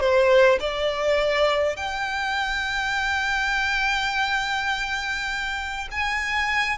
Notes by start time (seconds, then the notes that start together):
0.00 C5
0.60 D5
1.76 G5
5.91 G#5